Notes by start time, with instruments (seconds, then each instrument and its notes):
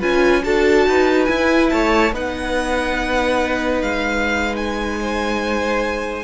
0.00 cello C#4, viola F4, violin B4 G#5
0.43 cello D4, viola F#4, violin A4 A5
0.87 cello D#4, violin B4
1.25 viola E4, cello E4, violin G#5
1.70 cello A3, violin C#5 A5
2.12 cello B3, viola D#4, violin B4 F#5
3.82 cello G#3, violin F5
4.56 violin G#5
5.00 violin C5